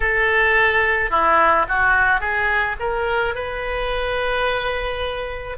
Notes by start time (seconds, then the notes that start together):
0.00 A4
1.10 E4
1.68 F#4
2.20 G#4
2.79 A#4
3.34 B4